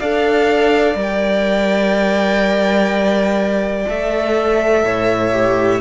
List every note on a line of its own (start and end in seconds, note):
0.00 0.95 D4
0.00 0.95 A4
0.00 4.84 D5
0.00 0.97 F5
0.95 3.85 G3
0.95 3.86 A#4
1.01 3.89 G5
3.88 4.83 A3
3.88 5.33 A4
3.88 5.81 E5
4.83 5.80 A2
4.83 5.81 C#5
5.33 5.81 G4